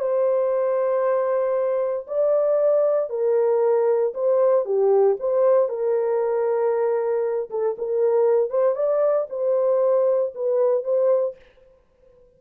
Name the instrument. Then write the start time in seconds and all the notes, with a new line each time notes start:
horn
0.00 C5
2.08 D5
3.10 A#4
4.14 C5
4.66 G4
5.20 C5
5.69 A#4
7.50 A4
7.78 A#4
8.51 C5
8.76 D5
9.30 C5
10.35 B4
10.84 C5